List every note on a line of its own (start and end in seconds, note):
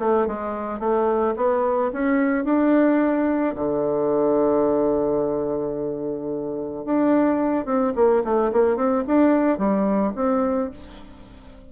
0.00 0.28 A3
0.28 0.80 G#3
0.80 1.35 A3
1.37 1.92 B3
1.93 2.45 C#4
2.45 3.55 D4
3.56 6.86 D3
6.86 7.66 D4
7.66 7.93 C4
7.96 8.23 A#3
8.25 8.52 A3
8.53 8.77 A#3
8.77 9.05 C4
9.08 9.59 D4
9.59 10.14 G3
10.16 10.71 C4